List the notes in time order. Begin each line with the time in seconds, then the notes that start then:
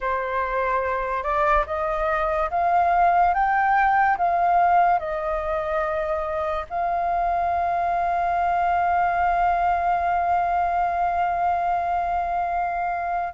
0.00 C5
1.23 D5
1.66 D#5
2.50 F5
3.33 G5
4.17 F5
4.98 D#5
6.69 F5